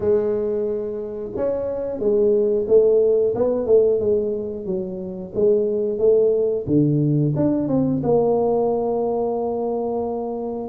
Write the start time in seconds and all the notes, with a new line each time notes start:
0.00 G#3
1.36 C#4
1.98 G#3
2.67 A3
3.35 B3
3.66 A3
4.00 G#3
4.65 F#3
5.35 G#3
5.98 A3
6.67 D3
7.36 D4
7.68 C4
8.03 A#3